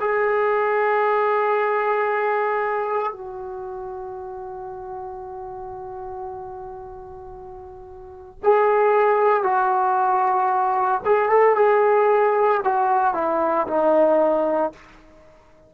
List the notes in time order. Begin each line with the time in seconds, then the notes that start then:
0.00 G#4
3.12 F#4
8.43 G#4
9.43 F#4
11.05 G#4
11.29 A4
11.56 G#4
12.64 F#4
13.14 E4
13.67 D#4